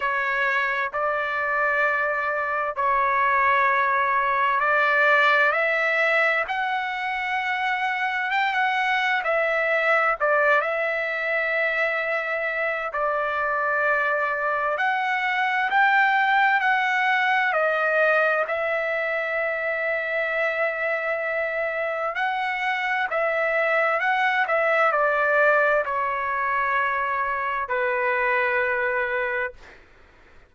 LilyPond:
\new Staff \with { instrumentName = "trumpet" } { \time 4/4 \tempo 4 = 65 cis''4 d''2 cis''4~ | cis''4 d''4 e''4 fis''4~ | fis''4 g''16 fis''8. e''4 d''8 e''8~ | e''2 d''2 |
fis''4 g''4 fis''4 dis''4 | e''1 | fis''4 e''4 fis''8 e''8 d''4 | cis''2 b'2 | }